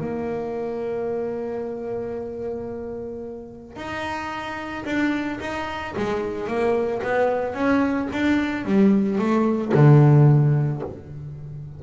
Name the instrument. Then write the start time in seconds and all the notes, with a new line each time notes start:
double bass
0.00 A#3
3.76 D#4
4.85 D4
5.40 D#4
5.96 G#3
6.47 A#3
7.02 B3
7.54 C#4
8.13 D4
8.65 G3
9.18 A3
9.74 D3